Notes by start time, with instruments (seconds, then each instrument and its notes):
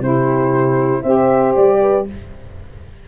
0.00 tuba C3, saxophone E4, horn G4, flute C5
1.02 tuba C4, saxophone G4, horn C5, flute E5
1.55 tuba G3, flute D5
1.81 horn B4